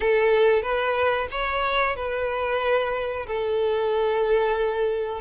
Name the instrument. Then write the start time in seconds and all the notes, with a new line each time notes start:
violin
0.00 A4
0.62 B4
1.31 C#5
1.96 B4
3.26 A4